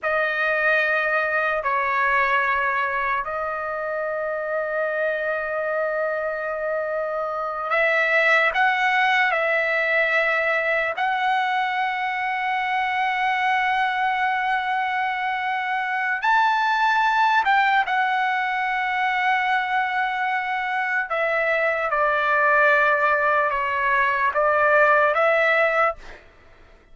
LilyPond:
\new Staff \with { instrumentName = "trumpet" } { \time 4/4 \tempo 4 = 74 dis''2 cis''2 | dis''1~ | dis''4. e''4 fis''4 e''8~ | e''4. fis''2~ fis''8~ |
fis''1 | a''4. g''8 fis''2~ | fis''2 e''4 d''4~ | d''4 cis''4 d''4 e''4 | }